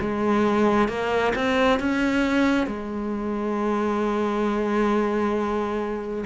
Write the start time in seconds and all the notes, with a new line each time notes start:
0.00 G#3
0.88 A#3
1.35 C4
1.79 C#4
2.66 G#3